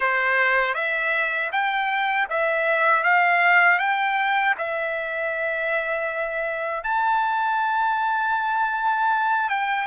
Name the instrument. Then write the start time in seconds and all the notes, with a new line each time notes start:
trumpet
0.00 C5
0.74 E5
1.52 G5
2.29 E5
3.03 F5
3.78 G5
4.57 E5
6.83 A5
9.49 G5